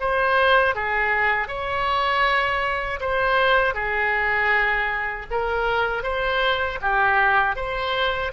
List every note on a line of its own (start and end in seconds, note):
0.00 0.75 C5
0.75 1.47 G#4
1.47 2.99 C#5
3.00 3.74 C5
3.74 5.26 G#4
5.30 6.03 A#4
6.03 6.79 C5
6.81 7.55 G4
7.55 8.31 C5